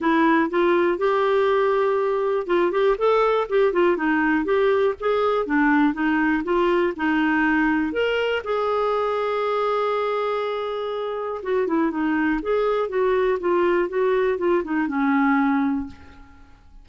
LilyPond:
\new Staff \with { instrumentName = "clarinet" } { \time 4/4 \tempo 4 = 121 e'4 f'4 g'2~ | g'4 f'8 g'8 a'4 g'8 f'8 | dis'4 g'4 gis'4 d'4 | dis'4 f'4 dis'2 |
ais'4 gis'2.~ | gis'2. fis'8 e'8 | dis'4 gis'4 fis'4 f'4 | fis'4 f'8 dis'8 cis'2 | }